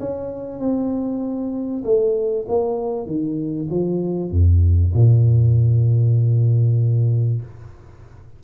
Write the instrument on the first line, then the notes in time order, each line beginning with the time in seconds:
tuba
0.00 C#4
0.59 C4
1.84 A3
2.48 A#3
3.06 D#3
3.70 F3
4.31 F2
4.94 A#2